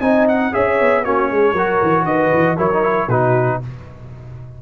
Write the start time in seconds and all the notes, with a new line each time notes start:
0.00 C4 D#4 D#5 G#5
0.28 F#5
0.52 C#4 G#4 C#5 E5
0.81 B3
1.04 A#3 C#4 F#4 C#5
1.31 G#3 G#4
1.53 F#3 F#4 A#4
1.82 E3
2.05 D#3 B4 D#5
2.33 E3
2.57 F#3 E4 A#4 C#5
2.73 D#4
2.83 E4
3.08 B2 D#4 F#4 B4